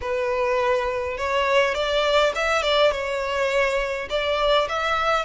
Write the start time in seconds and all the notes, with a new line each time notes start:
0.01 B4
1.17 C#5
1.74 D5
2.35 E5
2.62 D5
2.91 C#5
4.09 D5
4.68 E5